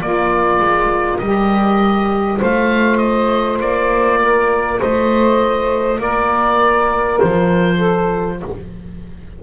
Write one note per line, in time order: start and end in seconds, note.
0.00 0.59 A#3
0.00 1.22 F4
0.00 2.40 A#4
0.00 1.18 D5
0.59 1.19 G#3
1.18 2.40 G3
1.18 2.39 G4
1.18 2.38 D#5
2.39 3.60 A3
2.39 8.38 F4
2.39 4.20 C5
2.39 2.98 F5
2.98 3.58 D#5
3.60 4.80 A#3
3.60 4.81 D5
4.22 4.80 A#4
4.80 5.99 A3
4.80 6.00 C5
4.80 6.01 D#5
5.99 7.19 A#3
5.99 7.77 A#4
5.99 7.19 D5
7.19 8.43 F3
7.19 8.39 C5
7.77 8.37 A4